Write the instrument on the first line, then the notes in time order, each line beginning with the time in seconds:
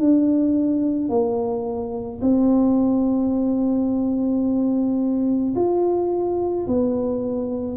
tuba
0.00 D4
1.10 A#3
2.22 C4
5.56 F4
6.67 B3